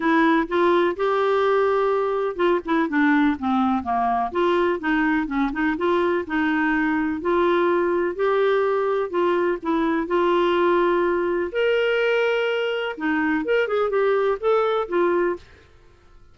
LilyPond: \new Staff \with { instrumentName = "clarinet" } { \time 4/4 \tempo 4 = 125 e'4 f'4 g'2~ | g'4 f'8 e'8 d'4 c'4 | ais4 f'4 dis'4 cis'8 dis'8 | f'4 dis'2 f'4~ |
f'4 g'2 f'4 | e'4 f'2. | ais'2. dis'4 | ais'8 gis'8 g'4 a'4 f'4 | }